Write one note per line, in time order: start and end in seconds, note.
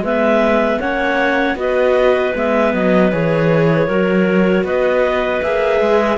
0.00 0.77 G#3
0.00 0.81 B3
0.00 0.80 B4
0.00 0.80 E5
0.80 1.55 A#3
0.80 1.56 C#4
0.80 1.57 C#5
0.80 1.57 F#5
1.55 2.32 B3
1.55 2.33 F#4
1.55 3.87 B4
1.55 2.35 D#5
2.35 2.73 G#3
2.35 3.12 B3
2.35 2.74 E5
2.73 3.12 F#3
2.73 3.12 D#5
3.12 3.88 E3
3.12 3.89 G#4
3.12 4.66 C#5
3.87 4.63 F#3
3.87 5.43 F#4
3.87 4.64 A#4
4.63 5.40 B3
4.63 6.17 B4
4.63 5.42 D#5
5.42 5.80 A#3
5.42 6.17 G#4
5.42 6.17 E5
5.80 6.17 G#3